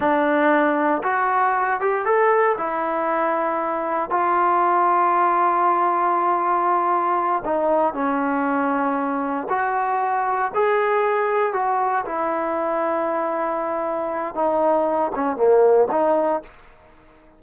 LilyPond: \new Staff \with { instrumentName = "trombone" } { \time 4/4 \tempo 4 = 117 d'2 fis'4. g'8 | a'4 e'2. | f'1~ | f'2~ f'8 dis'4 cis'8~ |
cis'2~ cis'8 fis'4.~ | fis'8 gis'2 fis'4 e'8~ | e'1 | dis'4. cis'8 ais4 dis'4 | }